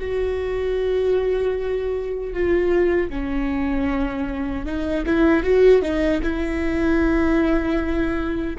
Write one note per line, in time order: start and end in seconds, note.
0.00 2.33 F#4
2.33 3.10 F4
3.10 4.65 C#4
4.65 5.04 D#4
5.06 5.43 E4
5.43 5.82 F#4
5.82 6.21 D#4
6.23 8.57 E4